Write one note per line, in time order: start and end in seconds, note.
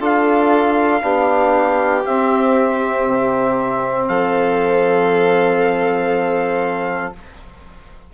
0.00 1.02 D4
0.00 1.02 F4
0.00 1.02 A4
0.00 2.06 F5
1.02 2.04 B3
1.02 2.04 D4
1.02 4.08 G4
2.04 7.13 C4
2.04 3.07 C4
2.04 4.08 E5
3.07 4.09 C3
4.08 7.14 F3
4.08 7.13 A4
4.08 7.13 F5